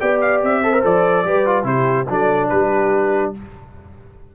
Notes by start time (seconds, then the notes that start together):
0.00 B3 G4 D5 G5
0.21 F5
0.43 C4 E5
0.64 A4 C5
0.73 A#4
0.83 F3 A4 D5
1.25 G3 G4 B4
1.46 F4
1.64 C3 E4 G4 C5
2.10 F#3 D4 A4 D5
2.49 G3 G4 B4